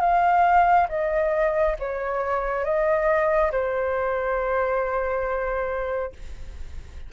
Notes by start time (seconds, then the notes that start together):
0.00 F5
0.89 D#5
1.79 C#5
2.64 D#5
3.51 C5